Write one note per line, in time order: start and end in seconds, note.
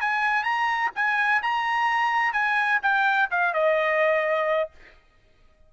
0.00 0.43 G#5
0.43 0.90 A#5
0.95 1.41 G#5
1.42 2.32 A#5
2.32 2.79 G#5
2.82 3.29 G5
3.30 3.53 F5
3.53 4.70 D#5